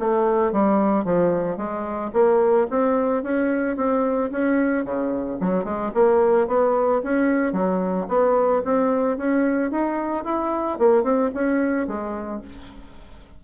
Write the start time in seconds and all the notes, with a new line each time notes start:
0.00 A3
0.53 G3
1.05 F3
1.57 G#3
2.14 A#3
2.71 C4
3.23 C#4
3.77 C4
4.32 C#4
4.85 C#3
5.40 F#3
5.65 G#3
5.95 A#3
6.48 B3
7.04 C#4
7.53 F#3
8.09 B3
8.65 C4
9.18 C#4
9.71 D#4
10.25 E4
10.79 A#3
11.04 C4
11.35 C#4
11.88 G#3